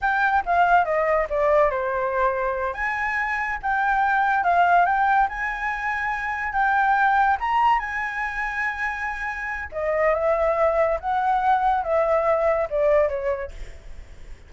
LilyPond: \new Staff \with { instrumentName = "flute" } { \time 4/4 \tempo 4 = 142 g''4 f''4 dis''4 d''4 | c''2~ c''8 gis''4.~ | gis''8 g''2 f''4 g''8~ | g''8 gis''2. g''8~ |
g''4. ais''4 gis''4.~ | gis''2. dis''4 | e''2 fis''2 | e''2 d''4 cis''4 | }